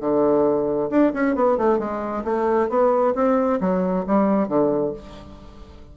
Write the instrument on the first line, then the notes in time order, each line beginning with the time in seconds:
bassoon
0.00 D3
0.90 D4
1.13 C#4
1.35 B3
1.57 A3
1.78 G#3
2.24 A3
2.69 B3
3.14 C4
3.60 F#3
4.06 G3
4.48 D3